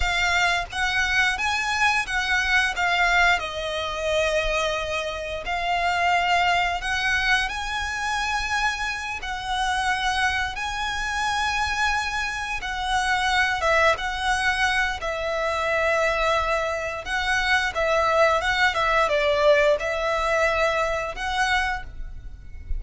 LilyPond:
\new Staff \with { instrumentName = "violin" } { \time 4/4 \tempo 4 = 88 f''4 fis''4 gis''4 fis''4 | f''4 dis''2. | f''2 fis''4 gis''4~ | gis''4. fis''2 gis''8~ |
gis''2~ gis''8 fis''4. | e''8 fis''4. e''2~ | e''4 fis''4 e''4 fis''8 e''8 | d''4 e''2 fis''4 | }